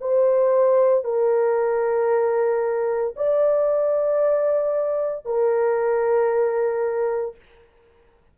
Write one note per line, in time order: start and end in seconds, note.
0.00 1.04 C5
1.04 3.14 A#4
3.16 5.25 D5
5.25 7.35 A#4